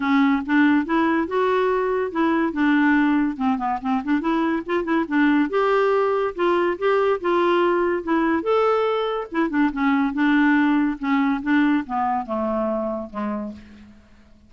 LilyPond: \new Staff \with { instrumentName = "clarinet" } { \time 4/4 \tempo 4 = 142 cis'4 d'4 e'4 fis'4~ | fis'4 e'4 d'2 | c'8 b8 c'8 d'8 e'4 f'8 e'8 | d'4 g'2 f'4 |
g'4 f'2 e'4 | a'2 e'8 d'8 cis'4 | d'2 cis'4 d'4 | b4 a2 gis4 | }